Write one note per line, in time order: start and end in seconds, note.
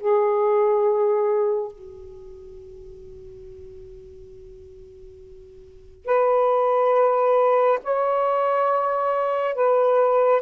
0.00 1.72 G#4
1.72 6.05 F#4
6.05 7.79 B4
7.83 9.55 C#5
9.55 10.42 B4